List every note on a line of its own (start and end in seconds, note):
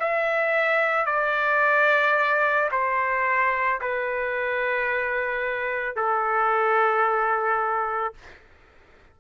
0.00 1.06 E5
1.06 2.70 D5
2.72 3.81 C5
3.81 5.96 B4
5.96 8.14 A4